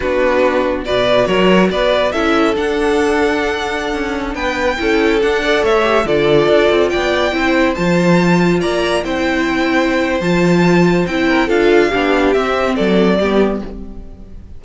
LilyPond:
<<
  \new Staff \with { instrumentName = "violin" } { \time 4/4 \tempo 4 = 141 b'2 d''4 cis''4 | d''4 e''4 fis''2~ | fis''2~ fis''16 g''4.~ g''16~ | g''16 fis''4 e''4 d''4.~ d''16~ |
d''16 g''2 a''4.~ a''16~ | a''16 ais''4 g''2~ g''8. | a''2 g''4 f''4~ | f''4 e''4 d''2 | }
  \new Staff \with { instrumentName = "violin" } { \time 4/4 fis'2 b'4 ais'4 | b'4 a'2.~ | a'2~ a'16 b'4 a'8.~ | a'8. d''8 cis''4 a'4.~ a'16~ |
a'16 d''4 c''2~ c''8.~ | c''16 d''4 c''2~ c''8.~ | c''2~ c''8 ais'8 a'4 | g'2 a'4 g'4 | }
  \new Staff \with { instrumentName = "viola" } { \time 4/4 d'2 fis'2~ | fis'4 e'4 d'2~ | d'2.~ d'16 e'8.~ | e'16 d'8 a'4 g'8 f'4.~ f'16~ |
f'4~ f'16 e'4 f'4.~ f'16~ | f'4~ f'16 e'2~ e'8. | f'2 e'4 f'4 | d'4 c'2 b4 | }
  \new Staff \with { instrumentName = "cello" } { \time 4/4 b2 b,4 fis4 | b4 cis'4 d'2~ | d'4~ d'16 cis'4 b4 cis'8.~ | cis'16 d'4 a4 d4 d'8 c'16~ |
c'16 b4 c'4 f4.~ f16~ | f16 ais4 c'2~ c'8. | f2 c'4 d'4 | b4 c'4 fis4 g4 | }
>>